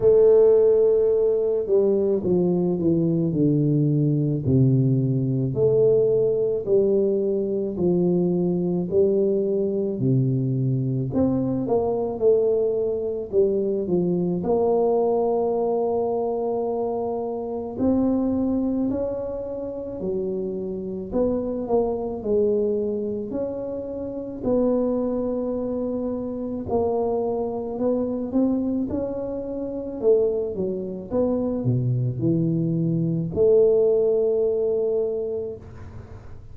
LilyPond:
\new Staff \with { instrumentName = "tuba" } { \time 4/4 \tempo 4 = 54 a4. g8 f8 e8 d4 | c4 a4 g4 f4 | g4 c4 c'8 ais8 a4 | g8 f8 ais2. |
c'4 cis'4 fis4 b8 ais8 | gis4 cis'4 b2 | ais4 b8 c'8 cis'4 a8 fis8 | b8 b,8 e4 a2 | }